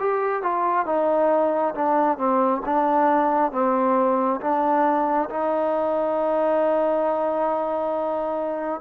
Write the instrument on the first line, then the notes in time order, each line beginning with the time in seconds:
trombone
0.00 G4
0.43 F4
0.86 D#4
1.75 D4
2.18 C4
2.66 D4
3.52 C4
4.41 D4
5.29 D#4